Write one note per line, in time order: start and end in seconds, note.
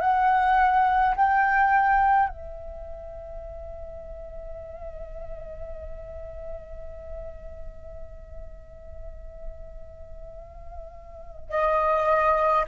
0.00 1.15 F#5
1.15 2.29 G5
2.29 11.50 E5
11.50 12.65 D#5